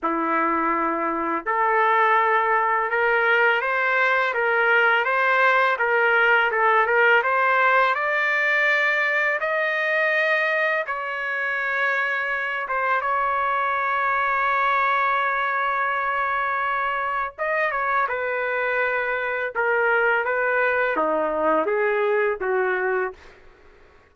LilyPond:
\new Staff \with { instrumentName = "trumpet" } { \time 4/4 \tempo 4 = 83 e'2 a'2 | ais'4 c''4 ais'4 c''4 | ais'4 a'8 ais'8 c''4 d''4~ | d''4 dis''2 cis''4~ |
cis''4. c''8 cis''2~ | cis''1 | dis''8 cis''8 b'2 ais'4 | b'4 dis'4 gis'4 fis'4 | }